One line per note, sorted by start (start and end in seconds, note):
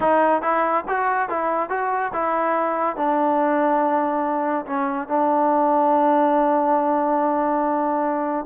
0.00 0.42 D#4
0.42 0.84 E4
0.88 1.29 F#4
1.29 1.69 E4
1.69 2.11 F#4
2.13 2.96 E4
2.96 4.65 D4
4.66 5.08 C#4
5.08 8.45 D4